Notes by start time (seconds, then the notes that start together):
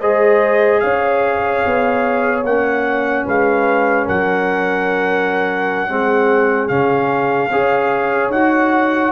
0.00 G#3 G#4 C5 D#5
0.81 C#4 C#5 F5
1.66 B3
2.44 A#3 C#4 F#5
3.26 G#3 B4 F5
4.06 F#3 A#4 F#5
5.89 G#3 C4 G#4
6.68 C#3 C#4 F5
7.51 C#4 G#4 C#5
8.30 D#4 F#4 F#5